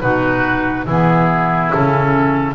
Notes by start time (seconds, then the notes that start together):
0.00 B2 D#4 F#4 B4
0.85 E3 B3 E4 G#4
1.72 C#3 C#4 A4